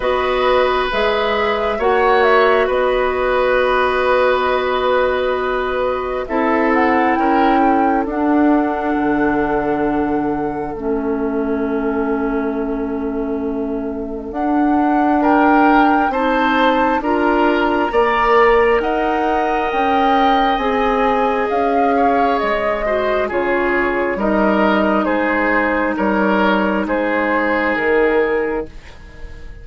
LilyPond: <<
  \new Staff \with { instrumentName = "flute" } { \time 4/4 \tempo 4 = 67 dis''4 e''4 fis''8 e''8 dis''4~ | dis''2. e''8 fis''8 | g''4 fis''2. | e''1 |
fis''4 g''4 a''4 ais''4~ | ais''4 fis''4 g''4 gis''4 | f''4 dis''4 cis''4 dis''4 | c''4 cis''4 c''4 ais'4 | }
  \new Staff \with { instrumentName = "oboe" } { \time 4/4 b'2 cis''4 b'4~ | b'2. a'4 | ais'8 a'2.~ a'8~ | a'1~ |
a'4 ais'4 c''4 ais'4 | d''4 dis''2.~ | dis''8 cis''4 c''8 gis'4 ais'4 | gis'4 ais'4 gis'2 | }
  \new Staff \with { instrumentName = "clarinet" } { \time 4/4 fis'4 gis'4 fis'2~ | fis'2. e'4~ | e'4 d'2. | cis'1 |
d'2 dis'4 f'4 | ais'2. gis'4~ | gis'4. fis'8 f'4 dis'4~ | dis'1 | }
  \new Staff \with { instrumentName = "bassoon" } { \time 4/4 b4 gis4 ais4 b4~ | b2. c'4 | cis'4 d'4 d2 | a1 |
d'2 c'4 d'4 | ais4 dis'4 cis'4 c'4 | cis'4 gis4 cis4 g4 | gis4 g4 gis4 dis4 | }
>>